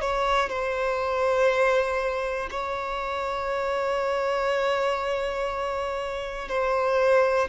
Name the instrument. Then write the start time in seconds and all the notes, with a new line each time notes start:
violin
0.00 C#5
0.49 C5
2.50 C#5
6.48 C5